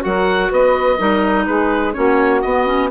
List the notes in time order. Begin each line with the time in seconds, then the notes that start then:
0.00 F#3 F#4 A#4 F#5
0.50 B3 B4 D#5
0.97 G3 D#4 A#4
1.47 G#3 G#4 B4
1.93 A#3 C#4 F#4 C#5
2.42 B3 D#5
2.66 C#4